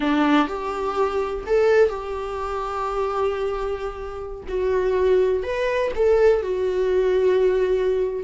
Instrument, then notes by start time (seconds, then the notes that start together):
viola
0.00 D4
0.47 G4
1.46 A4
1.89 G4
4.48 F#4
5.43 B4
5.95 A4
6.42 F#4